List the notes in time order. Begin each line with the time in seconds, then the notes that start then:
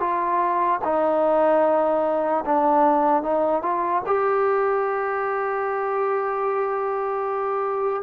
0.00 F4
0.84 D#4
2.45 D4
3.23 D#4
3.62 F4
4.06 G4